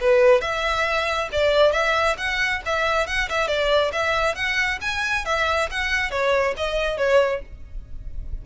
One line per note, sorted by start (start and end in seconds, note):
0.00 0.41 B4
0.41 1.29 E5
1.32 1.72 D5
1.72 2.16 E5
2.17 2.61 F#5
2.65 3.06 E5
3.06 3.28 F#5
3.29 3.47 E5
3.47 3.91 D5
3.92 4.35 E5
4.35 4.79 F#5
4.81 5.25 G#5
5.25 5.69 E5
5.71 6.10 F#5
6.10 6.54 C#5
6.56 6.97 D#5
6.97 7.41 C#5